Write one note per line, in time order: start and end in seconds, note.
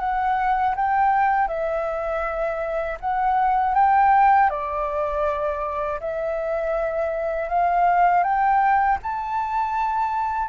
0.00 0.75 F#5
0.76 1.48 G5
1.48 2.98 E5
3.00 3.75 F#5
3.75 4.50 G5
4.50 6.00 D5
6.00 7.49 E5
7.49 8.23 F5
8.23 8.98 G5
9.03 10.49 A5